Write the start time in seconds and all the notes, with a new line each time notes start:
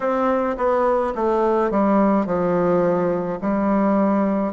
0.00 C4
0.57 B3
1.15 A3
1.70 G3
2.25 F3
3.41 G3